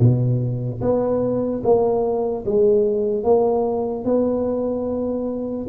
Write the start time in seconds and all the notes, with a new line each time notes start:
0.00 B2
0.81 B3
1.64 A#3
2.46 G#3
3.24 A#3
4.05 B3